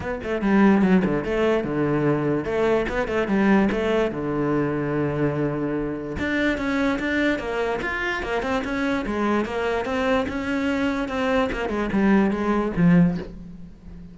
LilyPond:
\new Staff \with { instrumentName = "cello" } { \time 4/4 \tempo 4 = 146 b8 a8 g4 fis8 d8 a4 | d2 a4 b8 a8 | g4 a4 d2~ | d2. d'4 |
cis'4 d'4 ais4 f'4 | ais8 c'8 cis'4 gis4 ais4 | c'4 cis'2 c'4 | ais8 gis8 g4 gis4 f4 | }